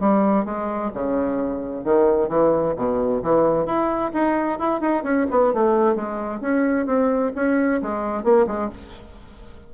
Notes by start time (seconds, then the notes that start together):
0.00 G3
0.45 G#3
0.94 C#3
1.84 D#3
2.29 E3
2.76 B2
3.23 E3
3.66 E4
4.13 D#4
4.59 E4
4.81 D#4
5.04 C#4
5.31 B3
5.54 A3
5.96 G#3
6.41 C#4
6.87 C4
7.36 C#4
7.82 G#3
8.24 A#3
8.47 G#3